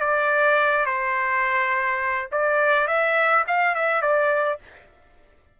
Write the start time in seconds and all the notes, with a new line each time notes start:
0.00 D5
0.86 C5
2.31 D5
2.87 E5
3.47 F5
3.75 E5
4.02 D5